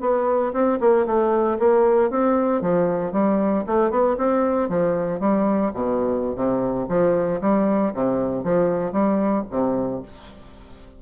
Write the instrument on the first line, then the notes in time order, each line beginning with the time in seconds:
bassoon
0.00 B3
0.53 C4
0.80 A#3
1.06 A3
1.59 A#3
2.10 C4
2.61 F3
3.12 G3
3.66 A3
3.90 B3
4.18 C4
4.69 F3
5.20 G3
5.73 B2
6.35 C3
6.88 F3
7.41 G3
7.93 C3
8.44 F3
8.92 G3
9.50 C3